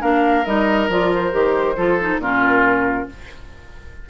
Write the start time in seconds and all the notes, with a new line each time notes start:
0.00 A#3 D4 A#4 F5
0.45 G3 D#4 D#5
0.88 F3 F4 D5
1.15 C5
1.31 D#3 G4
1.76 F3 F4 A4
2.00 D#4
2.18 A#2 C#4 F4 A#4